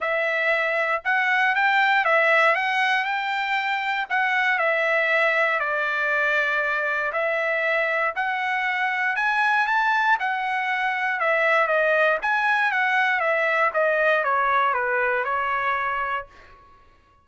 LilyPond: \new Staff \with { instrumentName = "trumpet" } { \time 4/4 \tempo 4 = 118 e''2 fis''4 g''4 | e''4 fis''4 g''2 | fis''4 e''2 d''4~ | d''2 e''2 |
fis''2 gis''4 a''4 | fis''2 e''4 dis''4 | gis''4 fis''4 e''4 dis''4 | cis''4 b'4 cis''2 | }